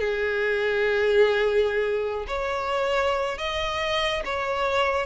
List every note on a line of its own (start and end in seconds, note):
0.00 2.26 G#4
2.28 3.38 C#5
3.38 4.23 D#5
4.25 5.06 C#5